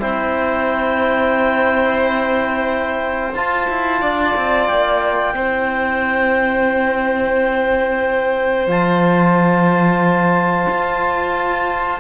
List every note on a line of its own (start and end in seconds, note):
0.00 3.35 C4
0.00 3.33 E4
0.00 4.01 C5
0.00 3.35 G5
3.35 3.68 F4
3.35 5.36 F4
3.35 4.68 A5
3.70 4.02 E4
4.01 4.35 D4
4.01 5.35 D5
4.36 4.70 C4
4.68 5.34 A#3
4.68 8.68 G5
5.34 8.67 C4
5.34 8.68 E4
5.34 12.00 C5
8.67 10.67 F3
8.67 12.00 F4
8.67 12.00 A5
10.70 12.00 F4